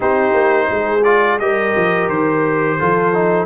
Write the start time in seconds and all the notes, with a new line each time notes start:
0.00 C4 D#4 G4 C5
0.33 A#3
0.70 G#3 G#4
1.03 F4 D5
1.39 G3 G4 A#4 D#5
1.75 F3
2.08 D#3 C5
2.79 F3 F4 A4
3.13 D#4